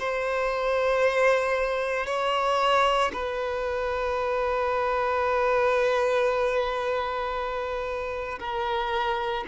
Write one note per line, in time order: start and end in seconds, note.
0.00 2.07 C5
2.07 3.12 C#5
3.13 8.40 B4
8.40 9.45 A#4